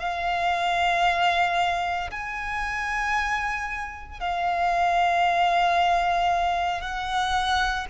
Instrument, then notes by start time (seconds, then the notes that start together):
violin
0.00 F5
2.11 G#5
4.20 F5
6.81 F#5